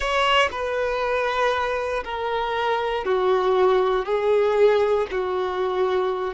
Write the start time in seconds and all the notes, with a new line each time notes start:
0.00 C#5
0.51 B4
2.04 A#4
3.04 F#4
4.05 G#4
5.11 F#4